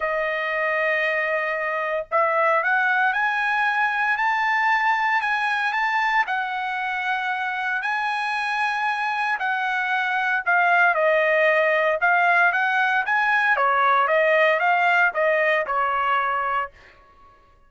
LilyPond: \new Staff \with { instrumentName = "trumpet" } { \time 4/4 \tempo 4 = 115 dis''1 | e''4 fis''4 gis''2 | a''2 gis''4 a''4 | fis''2. gis''4~ |
gis''2 fis''2 | f''4 dis''2 f''4 | fis''4 gis''4 cis''4 dis''4 | f''4 dis''4 cis''2 | }